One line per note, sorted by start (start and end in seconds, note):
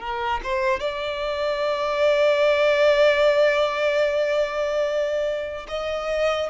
0.00 0.41 A#4
0.43 0.80 C5
0.80 5.66 D5
5.68 6.49 D#5